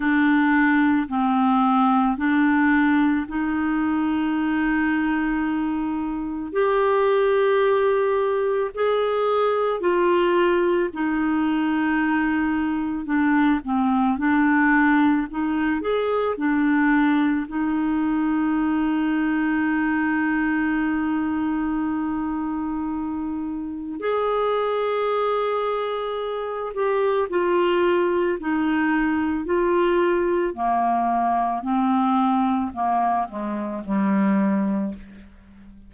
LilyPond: \new Staff \with { instrumentName = "clarinet" } { \time 4/4 \tempo 4 = 55 d'4 c'4 d'4 dis'4~ | dis'2 g'2 | gis'4 f'4 dis'2 | d'8 c'8 d'4 dis'8 gis'8 d'4 |
dis'1~ | dis'2 gis'2~ | gis'8 g'8 f'4 dis'4 f'4 | ais4 c'4 ais8 gis8 g4 | }